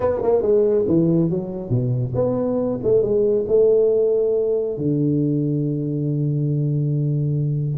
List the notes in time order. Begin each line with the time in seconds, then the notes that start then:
0.00 B3
0.22 A#3
0.41 G#3
0.87 E3
1.30 F#3
1.69 B2
2.14 B3
2.83 A3
3.02 G#3
3.47 A3
4.77 D3